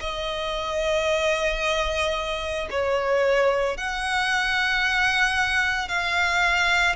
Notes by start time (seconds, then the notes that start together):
0.00 D#5
2.70 C#5
3.77 F#5
5.88 F5